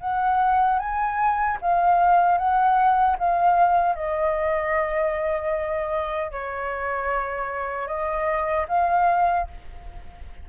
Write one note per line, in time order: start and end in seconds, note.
0.00 0.79 F#5
0.79 1.58 G#5
1.61 2.38 F5
2.38 3.17 F#5
3.19 3.95 F5
3.95 6.32 D#5
6.32 7.87 C#5
7.87 8.66 D#5
8.68 9.47 F5